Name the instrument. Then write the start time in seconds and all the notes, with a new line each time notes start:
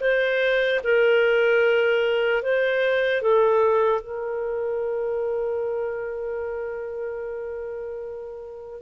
clarinet
0.00 C5
0.84 A#4
2.43 C5
3.22 A4
4.01 A#4